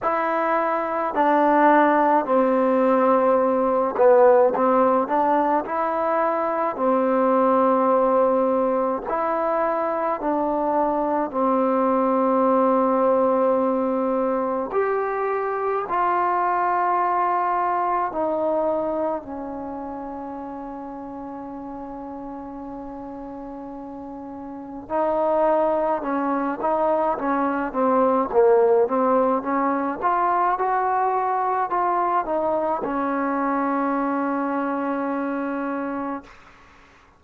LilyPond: \new Staff \with { instrumentName = "trombone" } { \time 4/4 \tempo 4 = 53 e'4 d'4 c'4. b8 | c'8 d'8 e'4 c'2 | e'4 d'4 c'2~ | c'4 g'4 f'2 |
dis'4 cis'2.~ | cis'2 dis'4 cis'8 dis'8 | cis'8 c'8 ais8 c'8 cis'8 f'8 fis'4 | f'8 dis'8 cis'2. | }